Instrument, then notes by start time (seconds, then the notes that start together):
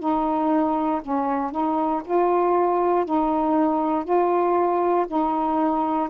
saxophone
0.00 D#4
1.02 C#4
1.52 D#4
2.05 F4
3.06 D#4
4.05 F4
5.08 D#4